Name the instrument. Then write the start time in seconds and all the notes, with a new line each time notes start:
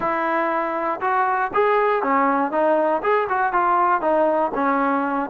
trombone
0.00 E4
1.01 F#4
1.53 G#4
2.03 C#4
2.51 D#4
3.02 G#4
3.29 F#4
3.52 F4
4.01 D#4
4.54 C#4